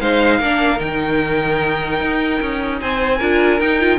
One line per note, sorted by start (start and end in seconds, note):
0.00 0.40 G#3
0.00 0.42 D#4
0.00 0.39 C5
0.00 0.79 F5
0.39 0.80 A#3
0.39 0.77 D4
0.39 2.79 A#4
0.77 2.00 D#3
0.77 3.17 D#4
0.77 2.79 G5
2.00 2.40 D#4
2.41 2.81 C#4
2.80 3.21 C4
2.80 3.17 C5
2.80 3.59 G#5
3.17 3.60 D4
3.17 3.60 F4
3.17 3.97 A#4
3.59 3.98 D#4
3.59 3.80 D#4
3.59 3.98 G5
3.80 3.98 F4